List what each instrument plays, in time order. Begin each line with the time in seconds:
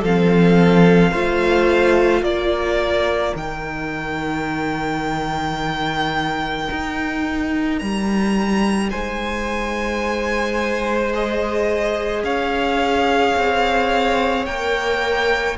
0.00 cello F3, viola C4, violin A4 F5
1.11 cello A3, viola F4, violin C5
2.22 cello A#3, violin A#4 D5
3.35 cello D#3, viola D#4, violin G5
6.71 cello D#4
7.78 cello G3, violin A#5
8.89 cello G#3, violin C5 G#5
11.13 viola G#4, violin D#5
12.23 cello C#4, violin C#5 F5
13.36 cello C4
14.46 cello A#3, viola A#4, violin G5